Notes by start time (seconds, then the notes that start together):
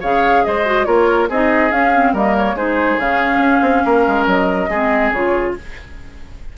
0.00 C#3 G#4 C#5 F5
0.44 G#3 C5 D#5
0.65 F#4
0.85 A#3 F4 A#4 C#5
1.29 C4 D#4 G#4 D#5
1.71 C#4 F5
1.94 C4
2.13 G3 A#3 A#4 D#5
2.37 C#5
2.54 G#3 D#4 G#4 C5
2.99 C#3 C#4 F5
3.38 C#4
3.61 C4
3.85 A#3 A#4
4.08 G#3
4.26 F#3 D#5
4.69 G#3 C4 G#4
5.11 C#3 F4 C#5